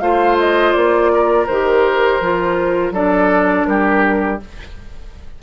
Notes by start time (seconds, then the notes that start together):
0.00 A3 F4 C5 F5
0.40 D#5
0.73 A#3 D5
1.14 A#4
1.47 D#3 G4 C5
2.21 F3 F4
2.91 F#3 D4 A4 D5
3.66 G3 G4 A#4